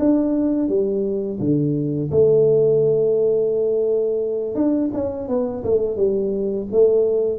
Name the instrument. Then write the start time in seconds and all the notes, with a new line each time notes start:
tuba
0.00 D4
0.69 G3
1.40 D3
2.11 A3
4.55 D4
4.94 C#4
5.28 B3
5.64 A3
5.97 G3
6.72 A3